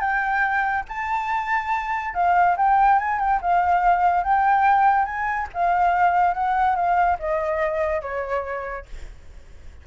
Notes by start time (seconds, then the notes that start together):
0.00 G5
0.88 A5
2.14 F5
2.56 G5
2.98 G#5
3.19 G5
3.41 F5
4.23 G5
5.05 G#5
5.53 F5
6.34 F#5
6.75 F5
7.19 D#5
8.01 C#5